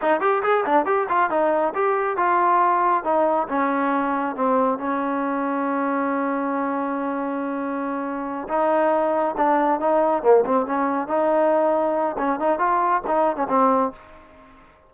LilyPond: \new Staff \with { instrumentName = "trombone" } { \time 4/4 \tempo 4 = 138 dis'8 g'8 gis'8 d'8 g'8 f'8 dis'4 | g'4 f'2 dis'4 | cis'2 c'4 cis'4~ | cis'1~ |
cis'2.~ cis'8 dis'8~ | dis'4. d'4 dis'4 ais8 | c'8 cis'4 dis'2~ dis'8 | cis'8 dis'8 f'4 dis'8. cis'16 c'4 | }